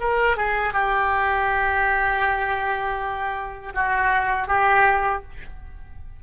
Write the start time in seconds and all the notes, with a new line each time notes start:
0.00 A#4
0.37 G#4
0.73 G4
3.74 F#4
4.48 G4